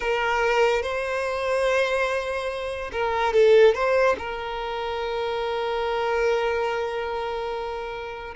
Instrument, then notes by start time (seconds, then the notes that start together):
violin
0.00 A#4
0.82 C5
2.92 A#4
3.33 A4
3.74 C5
4.18 A#4